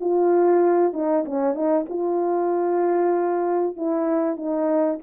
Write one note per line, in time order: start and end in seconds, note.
0.00 0.93 F4
0.93 1.24 D#4
1.25 1.54 C#4
1.54 1.85 D#4
1.89 3.76 F4
3.76 4.36 E4
4.36 4.98 D#4